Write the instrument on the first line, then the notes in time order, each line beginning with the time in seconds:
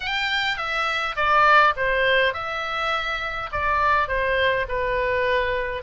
oboe
0.00 G5
0.57 E5
1.15 D5
1.76 C5
2.33 E5
3.52 D5
4.08 C5
4.68 B4